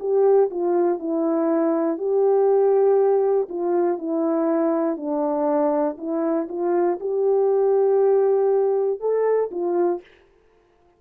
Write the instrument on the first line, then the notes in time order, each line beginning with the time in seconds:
horn
0.00 G4
0.50 F4
1.00 E4
1.98 G4
3.49 F4
3.98 E4
4.97 D4
5.98 E4
6.49 F4
7.00 G4
9.00 A4
9.51 F4